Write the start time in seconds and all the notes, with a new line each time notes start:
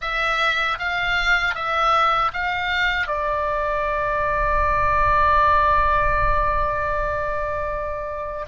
0.01 E5
0.78 F5
1.54 E5
2.33 F5
3.07 D5